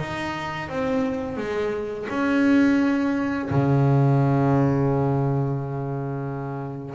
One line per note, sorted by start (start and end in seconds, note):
0.00 0.69 D#4
0.69 1.38 C4
1.38 2.07 G#3
2.10 3.49 C#4
3.51 6.96 C#3